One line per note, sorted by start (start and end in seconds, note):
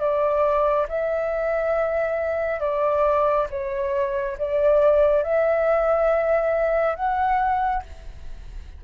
0.00 0.87 D5
0.89 2.60 E5
2.60 3.47 D5
3.51 4.38 C#5
4.39 5.23 D5
5.23 6.96 E5
6.96 7.83 F#5